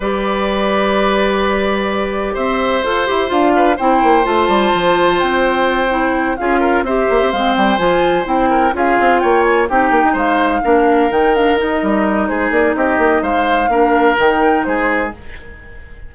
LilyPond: <<
  \new Staff \with { instrumentName = "flute" } { \time 4/4 \tempo 4 = 127 d''1~ | d''4 e''4 c''4 f''4 | g''4 a''2 g''4~ | g''4. f''4 e''4 f''8 |
g''8 gis''4 g''4 f''4 g''8 | gis''8 g''4 f''2 g''8 | f''8 dis''4. c''8 d''8 dis''4 | f''2 g''4 c''4 | }
  \new Staff \with { instrumentName = "oboe" } { \time 4/4 b'1~ | b'4 c''2~ c''8 b'8 | c''1~ | c''4. gis'8 ais'8 c''4.~ |
c''2 ais'8 gis'4 cis''8~ | cis''8 g'4 c''4 ais'4.~ | ais'2 gis'4 g'4 | c''4 ais'2 gis'4 | }
  \new Staff \with { instrumentName = "clarinet" } { \time 4/4 g'1~ | g'2 a'8 g'8 f'4 | e'4 f'2.~ | f'8 e'4 f'4 g'4 c'8~ |
c'8 f'4 e'4 f'4.~ | f'8 dis'2 d'4 dis'8 | d'8 dis'2.~ dis'8~ | dis'4 d'4 dis'2 | }
  \new Staff \with { instrumentName = "bassoon" } { \time 4/4 g1~ | g4 c'4 f'8 e'8 d'4 | c'8 ais8 a8 g8 f4 c'4~ | c'4. cis'4 c'8 ais16 c'16 gis8 |
g8 f4 c'4 cis'8 c'8 ais8~ | ais8 c'8 ais16 dis'16 gis4 ais4 dis8~ | dis4 g4 gis8 ais8 c'8 ais8 | gis4 ais4 dis4 gis4 | }
>>